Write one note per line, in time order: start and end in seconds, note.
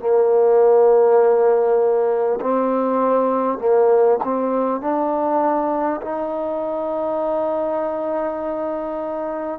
0.00 2.40 A#3
2.41 3.58 C4
3.58 4.18 A#3
4.24 4.81 C4
4.81 6.01 D4
6.02 9.59 D#4